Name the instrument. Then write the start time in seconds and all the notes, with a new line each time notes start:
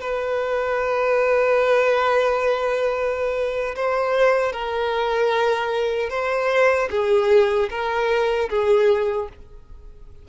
violin
0.00 B4
3.76 C5
4.52 A#4
6.10 C5
6.90 G#4
7.70 A#4
8.49 G#4